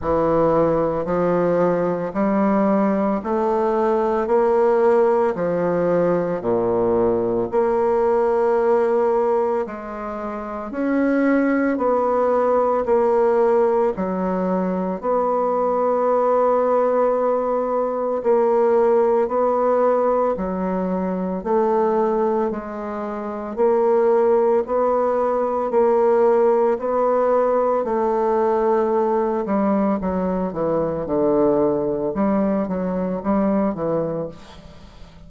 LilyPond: \new Staff \with { instrumentName = "bassoon" } { \time 4/4 \tempo 4 = 56 e4 f4 g4 a4 | ais4 f4 ais,4 ais4~ | ais4 gis4 cis'4 b4 | ais4 fis4 b2~ |
b4 ais4 b4 fis4 | a4 gis4 ais4 b4 | ais4 b4 a4. g8 | fis8 e8 d4 g8 fis8 g8 e8 | }